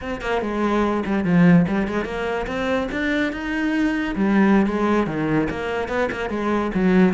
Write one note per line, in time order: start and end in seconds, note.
0.01 0.21 C4
0.21 0.41 A#3
0.41 1.03 G#3
1.05 1.24 G3
1.24 1.66 F3
1.67 1.87 G3
1.87 2.04 G#3
2.04 2.46 A#3
2.47 2.88 C4
2.91 3.32 D4
3.32 4.15 D#4
4.15 4.66 G3
4.66 5.06 G#3
5.06 5.48 D#3
5.49 5.88 A#3
5.88 6.09 B3
6.11 6.29 A#3
6.29 6.71 G#3
6.74 7.14 F#3